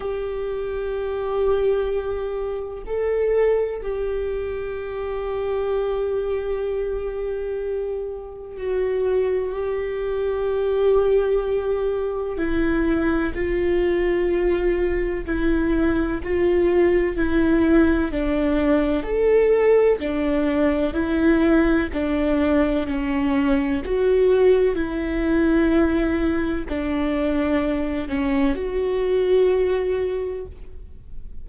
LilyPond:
\new Staff \with { instrumentName = "viola" } { \time 4/4 \tempo 4 = 63 g'2. a'4 | g'1~ | g'4 fis'4 g'2~ | g'4 e'4 f'2 |
e'4 f'4 e'4 d'4 | a'4 d'4 e'4 d'4 | cis'4 fis'4 e'2 | d'4. cis'8 fis'2 | }